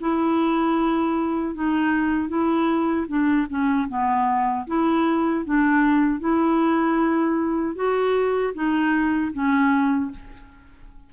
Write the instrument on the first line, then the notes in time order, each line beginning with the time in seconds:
clarinet
0.00 E4
1.55 D#4
2.28 E4
3.08 D4
3.49 C#4
3.89 B3
4.67 E4
5.45 D4
6.19 E4
7.75 F#4
8.54 D#4
9.33 C#4